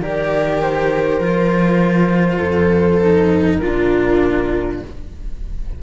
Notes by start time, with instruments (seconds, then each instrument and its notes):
0.00 cello D#3 G4, viola A#4, flute D5
0.62 flute C5
1.20 cello F3 F4
2.38 cello F2, viola A4
3.02 cello D#4
3.57 cello A#2 D4, viola F4, flute A#4